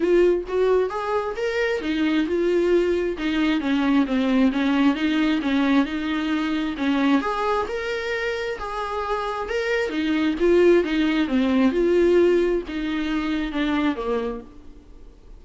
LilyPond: \new Staff \with { instrumentName = "viola" } { \time 4/4 \tempo 4 = 133 f'4 fis'4 gis'4 ais'4 | dis'4 f'2 dis'4 | cis'4 c'4 cis'4 dis'4 | cis'4 dis'2 cis'4 |
gis'4 ais'2 gis'4~ | gis'4 ais'4 dis'4 f'4 | dis'4 c'4 f'2 | dis'2 d'4 ais4 | }